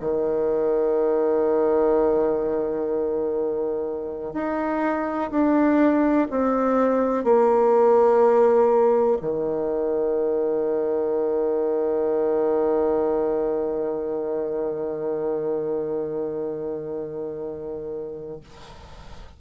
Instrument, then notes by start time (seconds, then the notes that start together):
bassoon
0.00 D#3
4.34 D#4
5.30 D4
6.30 C4
7.24 A#3
9.21 D#3